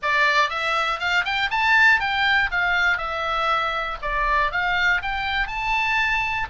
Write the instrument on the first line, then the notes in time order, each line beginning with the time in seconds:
oboe
0.02 D5
0.49 E5
0.99 F5
1.24 G5
1.50 A5
2.00 G5
2.51 F5
2.97 E5
4.02 D5
4.51 F5
5.02 G5
5.47 A5